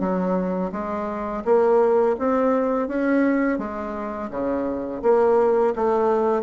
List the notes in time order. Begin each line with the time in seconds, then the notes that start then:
0.00 F#3
0.72 G#3
1.45 A#3
2.19 C4
2.88 C#4
3.59 G#3
4.31 C#3
5.03 A#3
5.76 A3